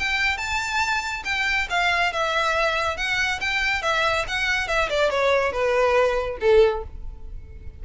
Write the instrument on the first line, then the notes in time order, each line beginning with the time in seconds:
violin
0.00 G5
0.38 A5
1.25 G5
1.70 F5
2.13 E5
2.98 F#5
3.41 G5
3.83 E5
4.28 F#5
4.68 E5
4.90 D5
5.11 C#5
5.53 B4
6.41 A4